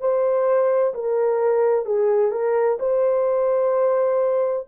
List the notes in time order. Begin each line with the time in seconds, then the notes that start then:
0.00 C5
0.94 A#4
1.85 G#4
2.31 A#4
2.79 C5